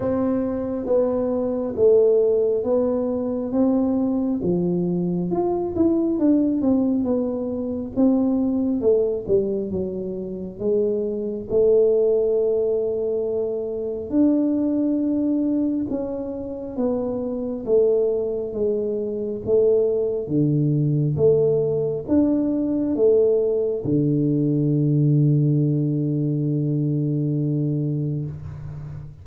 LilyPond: \new Staff \with { instrumentName = "tuba" } { \time 4/4 \tempo 4 = 68 c'4 b4 a4 b4 | c'4 f4 f'8 e'8 d'8 c'8 | b4 c'4 a8 g8 fis4 | gis4 a2. |
d'2 cis'4 b4 | a4 gis4 a4 d4 | a4 d'4 a4 d4~ | d1 | }